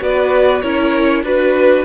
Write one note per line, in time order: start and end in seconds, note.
0.00 0.62 B3
0.00 0.61 F#4
0.00 0.62 B4
0.00 0.61 D5
0.61 1.23 C#4
0.61 1.24 E4
0.61 1.23 A#4
0.61 1.22 C#5
1.23 1.84 D4
1.23 1.85 F#4
1.23 1.85 B4